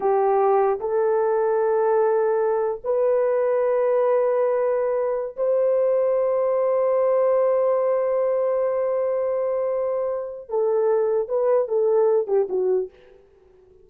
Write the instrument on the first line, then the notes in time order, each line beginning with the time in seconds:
horn
0.00 G4
0.80 A4
2.84 B4
5.36 C5
10.49 A4
11.28 B4
11.68 A4
12.27 G4
12.49 F#4